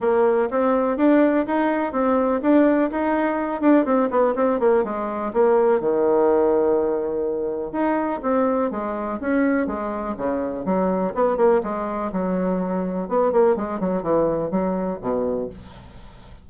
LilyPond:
\new Staff \with { instrumentName = "bassoon" } { \time 4/4 \tempo 4 = 124 ais4 c'4 d'4 dis'4 | c'4 d'4 dis'4. d'8 | c'8 b8 c'8 ais8 gis4 ais4 | dis1 |
dis'4 c'4 gis4 cis'4 | gis4 cis4 fis4 b8 ais8 | gis4 fis2 b8 ais8 | gis8 fis8 e4 fis4 b,4 | }